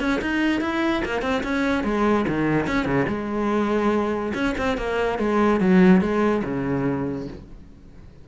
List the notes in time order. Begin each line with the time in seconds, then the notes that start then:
0.00 C#4
0.22 D#4
0.61 E4
1.05 A#3
1.22 C4
1.44 C#4
1.84 G#3
2.28 D#3
2.67 C#4
2.85 C#3
3.08 G#3
4.34 C#4
4.58 C4
4.78 A#3
5.19 G#3
5.60 F#3
6.01 G#3
6.45 C#3